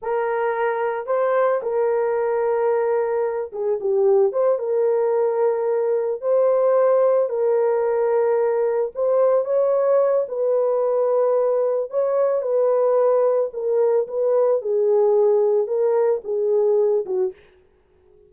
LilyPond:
\new Staff \with { instrumentName = "horn" } { \time 4/4 \tempo 4 = 111 ais'2 c''4 ais'4~ | ais'2~ ais'8 gis'8 g'4 | c''8 ais'2. c''8~ | c''4. ais'2~ ais'8~ |
ais'8 c''4 cis''4. b'4~ | b'2 cis''4 b'4~ | b'4 ais'4 b'4 gis'4~ | gis'4 ais'4 gis'4. fis'8 | }